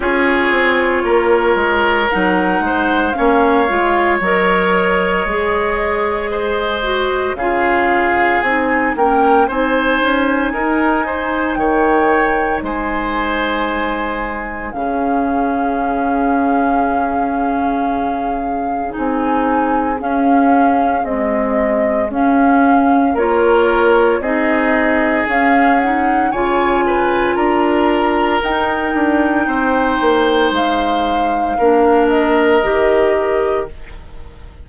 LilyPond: <<
  \new Staff \with { instrumentName = "flute" } { \time 4/4 \tempo 4 = 57 cis''2 fis''4 f''4 | dis''2. f''4 | gis''8 g''8 gis''2 g''4 | gis''2 f''2~ |
f''2 gis''4 f''4 | dis''4 f''4 cis''4 dis''4 | f''8 fis''8 gis''4 ais''4 g''4~ | g''4 f''4. dis''4. | }
  \new Staff \with { instrumentName = "oboe" } { \time 4/4 gis'4 ais'4. c''8 cis''4~ | cis''2 c''4 gis'4~ | gis'8 ais'8 c''4 ais'8 c''8 cis''4 | c''2 gis'2~ |
gis'1~ | gis'2 ais'4 gis'4~ | gis'4 cis''8 b'8 ais'2 | c''2 ais'2 | }
  \new Staff \with { instrumentName = "clarinet" } { \time 4/4 f'2 dis'4 cis'8 f'8 | ais'4 gis'4. fis'8 f'4 | dis'8 cis'8 dis'2.~ | dis'2 cis'2~ |
cis'2 dis'4 cis'4 | gis4 cis'4 f'4 dis'4 | cis'8 dis'8 f'2 dis'4~ | dis'2 d'4 g'4 | }
  \new Staff \with { instrumentName = "bassoon" } { \time 4/4 cis'8 c'8 ais8 gis8 fis8 gis8 ais8 gis8 | fis4 gis2 cis4 | c'8 ais8 c'8 cis'8 dis'4 dis4 | gis2 cis2~ |
cis2 c'4 cis'4 | c'4 cis'4 ais4 c'4 | cis'4 cis4 d'4 dis'8 d'8 | c'8 ais8 gis4 ais4 dis4 | }
>>